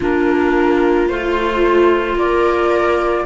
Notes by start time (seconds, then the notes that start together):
0.00 A#3 D4 F4 A#4
1.07 A3 F4 C5
2.15 A#3 A#4 D5